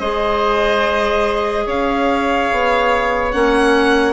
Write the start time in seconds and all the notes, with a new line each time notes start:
0.00 G#3 G#4 C5 D#5
1.66 C#4 C#5 F5
2.52 B3
3.32 A#3 C#4 F#5